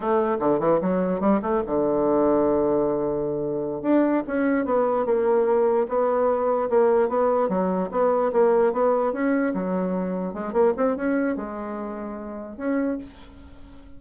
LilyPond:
\new Staff \with { instrumentName = "bassoon" } { \time 4/4 \tempo 4 = 148 a4 d8 e8 fis4 g8 a8 | d1~ | d4. d'4 cis'4 b8~ | b8 ais2 b4.~ |
b8 ais4 b4 fis4 b8~ | b8 ais4 b4 cis'4 fis8~ | fis4. gis8 ais8 c'8 cis'4 | gis2. cis'4 | }